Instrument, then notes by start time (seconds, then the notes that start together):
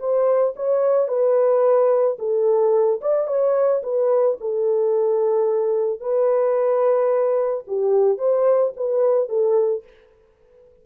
horn
0.00 C5
0.56 C#5
1.09 B4
2.19 A4
3.01 D5
3.28 C#5
3.83 B4
4.41 A4
6.01 B4
7.68 G4
8.19 C5
8.77 B4
9.30 A4